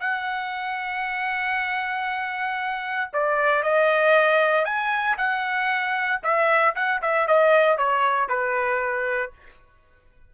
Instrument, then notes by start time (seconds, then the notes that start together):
trumpet
0.00 F#5
3.13 D5
3.63 D#5
4.65 G#5
5.18 F#5
6.23 E5
6.75 F#5
7.02 E5
7.27 D#5
7.78 C#5
8.29 B4